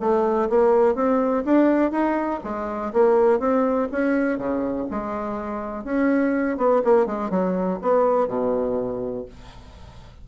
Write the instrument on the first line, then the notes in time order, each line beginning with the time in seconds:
bassoon
0.00 A3
0.49 A#3
0.95 C4
1.45 D4
1.91 D#4
2.44 G#3
2.93 A#3
3.39 C4
3.92 C#4
4.38 C#3
4.90 G#3
5.84 C#4
6.57 B3
6.84 A#3
7.06 G#3
7.30 F#3
7.82 B3
8.27 B2